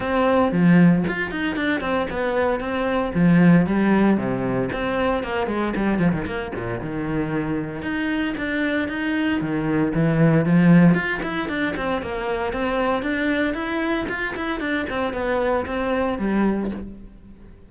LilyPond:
\new Staff \with { instrumentName = "cello" } { \time 4/4 \tempo 4 = 115 c'4 f4 f'8 dis'8 d'8 c'8 | b4 c'4 f4 g4 | c4 c'4 ais8 gis8 g8 f16 dis16 | ais8 ais,8 dis2 dis'4 |
d'4 dis'4 dis4 e4 | f4 f'8 e'8 d'8 c'8 ais4 | c'4 d'4 e'4 f'8 e'8 | d'8 c'8 b4 c'4 g4 | }